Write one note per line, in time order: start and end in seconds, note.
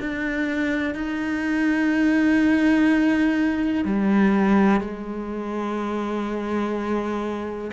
0.00 0.95 D4
0.95 3.85 D#4
3.85 4.81 G3
4.81 7.72 G#3